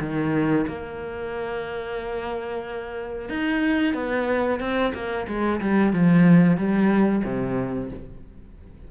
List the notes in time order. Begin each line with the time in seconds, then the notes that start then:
0.00 D#3
0.67 A#3
3.29 D#4
3.94 B3
4.60 C4
4.94 A#3
5.27 G#3
5.61 G3
5.93 F3
6.57 G3
7.24 C3